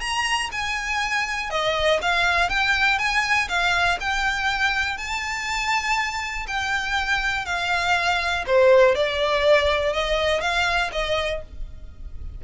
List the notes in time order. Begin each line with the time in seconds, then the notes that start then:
0.00 A#5
0.52 G#5
1.50 D#5
2.02 F5
2.49 G5
2.98 G#5
3.49 F5
4.00 G5
4.97 A5
6.47 G5
7.45 F5
8.46 C5
8.95 D5
9.93 D#5
10.41 F5
10.92 D#5